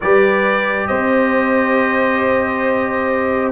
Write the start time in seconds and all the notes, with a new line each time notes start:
0.01 G3 G4 B4 D5
0.87 C4 C5 D#5